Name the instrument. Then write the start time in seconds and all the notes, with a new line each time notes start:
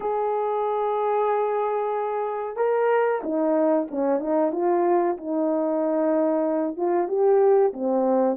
horn
0.00 G#4
2.56 A#4
3.23 D#4
3.90 C#4
4.19 D#4
4.52 F4
5.17 D#4
6.76 F4
7.08 G4
7.73 C4